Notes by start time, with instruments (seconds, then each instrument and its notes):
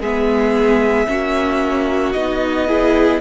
0.00 cello G#3, viola B3, violin G#4 E5
1.07 cello A#3, viola C#4, violin F#4
2.12 cello B3, viola D#4, violin D#5
2.67 viola E4, violin G#4